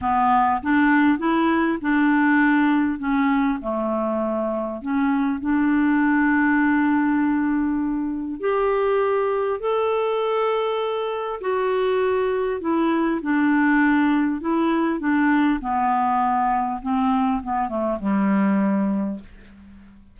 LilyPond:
\new Staff \with { instrumentName = "clarinet" } { \time 4/4 \tempo 4 = 100 b4 d'4 e'4 d'4~ | d'4 cis'4 a2 | cis'4 d'2.~ | d'2 g'2 |
a'2. fis'4~ | fis'4 e'4 d'2 | e'4 d'4 b2 | c'4 b8 a8 g2 | }